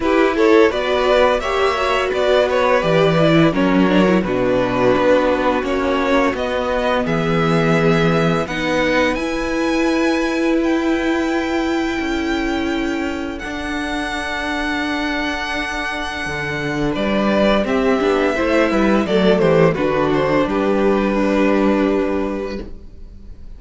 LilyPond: <<
  \new Staff \with { instrumentName = "violin" } { \time 4/4 \tempo 4 = 85 b'8 cis''8 d''4 e''4 d''8 cis''8 | d''4 cis''4 b'2 | cis''4 dis''4 e''2 | fis''4 gis''2 g''4~ |
g''2. fis''4~ | fis''1 | d''4 e''2 d''8 c''8 | b'8 c''8 b'2. | }
  \new Staff \with { instrumentName = "violin" } { \time 4/4 g'8 a'8 b'4 cis''4 b'4~ | b'4 ais'4 fis'2~ | fis'2 gis'2 | b'1~ |
b'4 a'2.~ | a'1 | b'4 g'4 c''8 b'8 a'8 g'8 | fis'4 g'4 d'2 | }
  \new Staff \with { instrumentName = "viola" } { \time 4/4 e'4 fis'4 g'8 fis'4. | g'8 e'8 cis'8 d'16 e'16 d'2 | cis'4 b2. | dis'4 e'2.~ |
e'2. d'4~ | d'1~ | d'4 c'8 d'8 e'4 a4 | d'2 g2 | }
  \new Staff \with { instrumentName = "cello" } { \time 4/4 e'4 b4 ais4 b4 | e4 fis4 b,4 b4 | ais4 b4 e2 | b4 e'2.~ |
e'4 cis'2 d'4~ | d'2. d4 | g4 c'8 b8 a8 g8 fis8 e8 | d4 g2. | }
>>